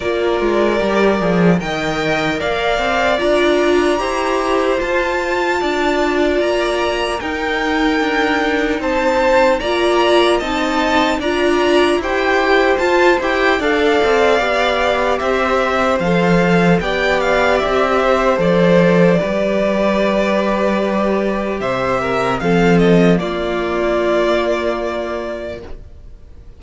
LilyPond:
<<
  \new Staff \with { instrumentName = "violin" } { \time 4/4 \tempo 4 = 75 d''2 g''4 f''4 | ais''2 a''2 | ais''4 g''2 a''4 | ais''4 a''4 ais''4 g''4 |
a''8 g''8 f''2 e''4 | f''4 g''8 f''8 e''4 d''4~ | d''2. e''4 | f''8 dis''8 d''2. | }
  \new Staff \with { instrumentName = "violin" } { \time 4/4 ais'2 dis''4 d''4~ | d''4 c''2 d''4~ | d''4 ais'2 c''4 | d''4 dis''4 d''4 c''4~ |
c''4 d''2 c''4~ | c''4 d''4. c''4. | b'2. c''8 ais'8 | a'4 f'2. | }
  \new Staff \with { instrumentName = "viola" } { \time 4/4 f'4 g'8 gis'8 ais'2 | f'4 g'4 f'2~ | f'4 dis'2. | f'4 dis'4 f'4 g'4 |
f'8 g'8 a'4 g'2 | a'4 g'2 a'4 | g'1 | c'4 ais2. | }
  \new Staff \with { instrumentName = "cello" } { \time 4/4 ais8 gis8 g8 f8 dis4 ais8 c'8 | d'4 e'4 f'4 d'4 | ais4 dis'4 d'4 c'4 | ais4 c'4 d'4 e'4 |
f'8 e'8 d'8 c'8 b4 c'4 | f4 b4 c'4 f4 | g2. c4 | f4 ais2. | }
>>